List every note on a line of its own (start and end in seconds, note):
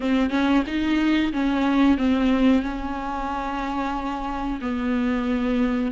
0.00 0.30 C4
0.30 0.63 C#4
0.66 1.32 D#4
1.32 1.97 C#4
1.97 2.62 C4
2.62 4.60 C#4
4.61 5.91 B3